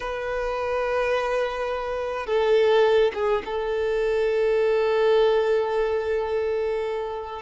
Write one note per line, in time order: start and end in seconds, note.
0.00 2.26 B4
2.26 3.11 A4
3.14 3.42 G#4
3.45 7.41 A4